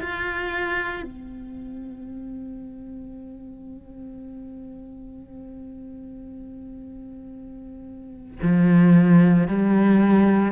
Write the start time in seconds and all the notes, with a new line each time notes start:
0.00 F4
1.02 C4
8.42 F3
9.47 G3